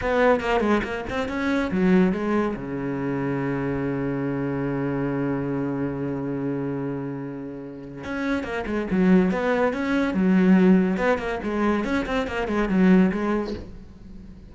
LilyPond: \new Staff \with { instrumentName = "cello" } { \time 4/4 \tempo 4 = 142 b4 ais8 gis8 ais8 c'8 cis'4 | fis4 gis4 cis2~ | cis1~ | cis1~ |
cis2. cis'4 | ais8 gis8 fis4 b4 cis'4 | fis2 b8 ais8 gis4 | cis'8 c'8 ais8 gis8 fis4 gis4 | }